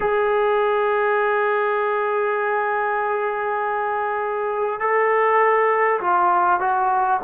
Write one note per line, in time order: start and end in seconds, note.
0.00 4.80 G#4
4.80 6.00 A4
6.00 6.60 F4
6.60 7.20 F#4